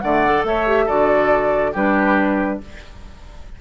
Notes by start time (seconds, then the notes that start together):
0.00 D3 A3 D5 F#5
0.26 A4
0.44 A3 C#5 E5
0.67 G4
0.85 D3 F#4 A4 D5
1.73 G3 D4 G4 B4